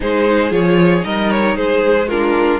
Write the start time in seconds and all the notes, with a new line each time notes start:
0.00 G#3 D#4 G#4 C5
0.50 F3 F4 C#5
1.00 G3 D#4 A#4 D#5
1.30 C#5
1.55 G#3 G#4 C5
2.08 D4 F4 A#4